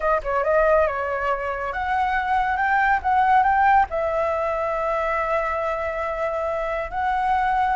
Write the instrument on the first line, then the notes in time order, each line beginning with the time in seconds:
flute
0.00 D#5
0.23 C#5
0.43 D#5
0.87 C#5
1.72 F#5
2.56 G5
3.02 F#5
3.43 G5
3.90 E5
6.90 F#5